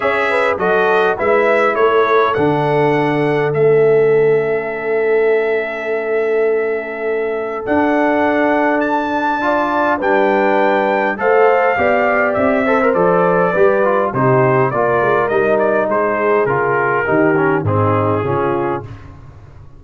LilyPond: <<
  \new Staff \with { instrumentName = "trumpet" } { \time 4/4 \tempo 4 = 102 e''4 dis''4 e''4 cis''4 | fis''2 e''2~ | e''1~ | e''4 fis''2 a''4~ |
a''4 g''2 f''4~ | f''4 e''4 d''2 | c''4 d''4 dis''8 d''8 c''4 | ais'2 gis'2 | }
  \new Staff \with { instrumentName = "horn" } { \time 4/4 cis''8 b'8 a'4 b'4 a'4~ | a'1~ | a'1~ | a'1 |
d''4 b'2 c''4 | d''4. c''4. b'4 | g'4 ais'2 gis'4~ | gis'4 g'4 dis'4 f'4 | }
  \new Staff \with { instrumentName = "trombone" } { \time 4/4 gis'4 fis'4 e'2 | d'2 cis'2~ | cis'1~ | cis'4 d'2. |
f'4 d'2 a'4 | g'4. a'16 ais'16 a'4 g'8 f'8 | dis'4 f'4 dis'2 | f'4 dis'8 cis'8 c'4 cis'4 | }
  \new Staff \with { instrumentName = "tuba" } { \time 4/4 cis'4 fis4 gis4 a4 | d2 a2~ | a1~ | a4 d'2.~ |
d'4 g2 a4 | b4 c'4 f4 g4 | c4 ais8 gis8 g4 gis4 | cis4 dis4 gis,4 cis4 | }
>>